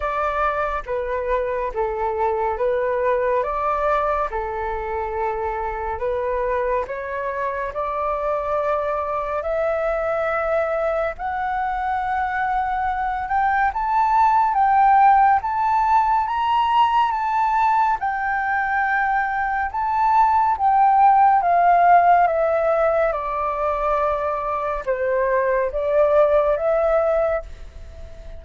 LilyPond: \new Staff \with { instrumentName = "flute" } { \time 4/4 \tempo 4 = 70 d''4 b'4 a'4 b'4 | d''4 a'2 b'4 | cis''4 d''2 e''4~ | e''4 fis''2~ fis''8 g''8 |
a''4 g''4 a''4 ais''4 | a''4 g''2 a''4 | g''4 f''4 e''4 d''4~ | d''4 c''4 d''4 e''4 | }